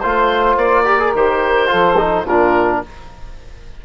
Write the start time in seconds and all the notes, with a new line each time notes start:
0.00 A3 F4 C5
0.56 A#3 D5
0.85 G4 A#4
0.99 G#4
1.14 D#3 G4 C5
1.68 F3 F4 A4
1.97 D#4
2.25 A#2 D4 F4 A#4